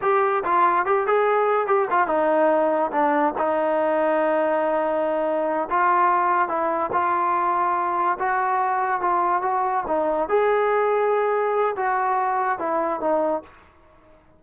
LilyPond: \new Staff \with { instrumentName = "trombone" } { \time 4/4 \tempo 4 = 143 g'4 f'4 g'8 gis'4. | g'8 f'8 dis'2 d'4 | dis'1~ | dis'4. f'2 e'8~ |
e'8 f'2. fis'8~ | fis'4. f'4 fis'4 dis'8~ | dis'8 gis'2.~ gis'8 | fis'2 e'4 dis'4 | }